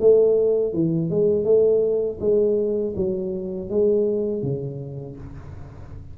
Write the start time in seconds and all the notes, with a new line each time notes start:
0.00 A3
0.73 E3
1.10 G#3
1.44 A3
2.20 G#3
2.96 F#3
3.70 G#3
4.42 C#3